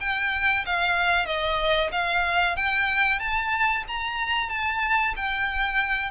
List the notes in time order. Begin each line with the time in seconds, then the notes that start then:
0.00 G5
0.66 F5
1.26 D#5
1.91 F5
2.56 G5
3.19 A5
3.87 A#5
4.49 A5
5.16 G5